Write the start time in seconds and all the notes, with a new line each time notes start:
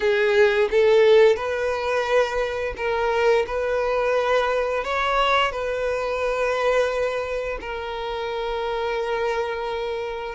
0.00 G#4
0.70 A4
1.36 B4
2.76 A#4
3.46 B4
4.84 C#5
5.51 B4
7.61 A#4